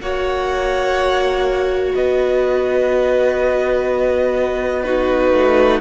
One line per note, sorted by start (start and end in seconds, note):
0.00 1.94 A#3
0.00 4.85 F#4
0.00 1.95 C#5
0.00 1.95 F#5
1.95 5.32 B3
1.95 4.84 B4
1.95 4.83 D#5
4.83 5.80 D#4
4.83 5.80 F#4
4.83 5.80 B4
5.32 5.80 A3